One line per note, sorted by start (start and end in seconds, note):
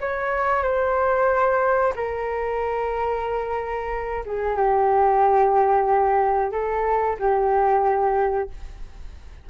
0.00 0.63 C#5
0.63 1.93 C5
1.95 4.24 A#4
4.25 4.56 G#4
4.56 6.51 G4
6.51 7.16 A4
7.19 8.49 G4